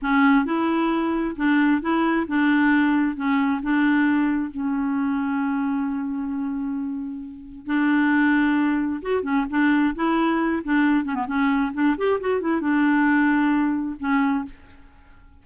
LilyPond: \new Staff \with { instrumentName = "clarinet" } { \time 4/4 \tempo 4 = 133 cis'4 e'2 d'4 | e'4 d'2 cis'4 | d'2 cis'2~ | cis'1~ |
cis'4 d'2. | fis'8 cis'8 d'4 e'4. d'8~ | d'8 cis'16 b16 cis'4 d'8 g'8 fis'8 e'8 | d'2. cis'4 | }